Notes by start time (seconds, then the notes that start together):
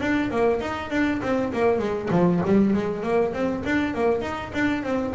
0.00 D4
0.30 A#3
0.61 D#4
0.90 D4
1.22 C4
1.52 A#3
1.79 G#3
2.10 F3
2.45 G3
2.73 G#3
3.02 A#3
3.33 C4
3.65 D4
3.94 A#3
4.21 D#4
4.53 D4
4.83 C4